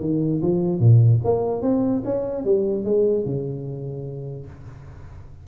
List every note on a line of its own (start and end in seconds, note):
0.00 0.41 D#3
0.41 0.79 F3
0.79 1.20 A#2
1.24 1.62 A#3
1.62 2.02 C4
2.04 2.45 C#4
2.45 2.85 G3
2.85 3.25 G#3
3.25 4.46 C#3